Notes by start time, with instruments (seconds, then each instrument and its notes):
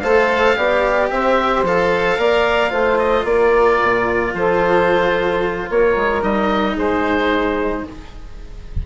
0.00 bassoon A3, cello A4, saxophone C5, oboe F5
0.56 bassoon B3, cello G4, saxophone D5
1.10 bassoon C4, saxophone C5, oboe E5
1.63 bassoon F3, cello A4, oboe F5
2.18 bassoon A#3, cello A#4, saxophone D5
2.70 bassoon A3, cello F4, saxophone C5
2.99 oboe D#5
3.25 bassoon A#3, saxophone A#4, oboe D5
3.83 bassoon A#2
4.34 bassoon F3, saxophone A4, oboe C5
5.69 bassoon A#3, saxophone A#4, oboe C#5
5.96 bassoon G#3
6.22 bassoon G3, cello D#4, oboe D#5
6.75 bassoon G#3, saxophone G#4, oboe C5